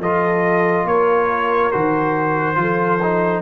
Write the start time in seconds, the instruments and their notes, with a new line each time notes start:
0.00 tuba F3, trombone F4, horn A4, trumpet D#5
0.85 tuba A#3, horn A#4, trumpet C#5
1.72 tuba D#3, trombone F#4, trumpet C5
2.55 tuba F3, trombone F4, horn A4
3.02 trombone D#4